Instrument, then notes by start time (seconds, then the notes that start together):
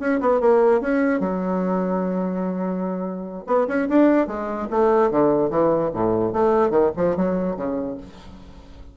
bassoon
0.00 C#4
0.21 B3
0.41 A#3
0.81 C#4
1.21 F#3
3.47 B3
3.68 C#4
3.89 D4
4.28 G#3
4.71 A3
5.12 D3
5.51 E3
5.94 A2
6.33 A3
6.71 D#3
6.97 F3
7.17 F#3
7.57 C#3